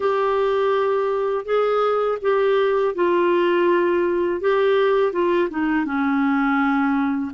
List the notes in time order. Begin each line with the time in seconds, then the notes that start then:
0.00 G4
1.45 G#4
2.21 G4
2.94 F4
4.40 G4
5.12 F4
5.49 D#4
5.85 C#4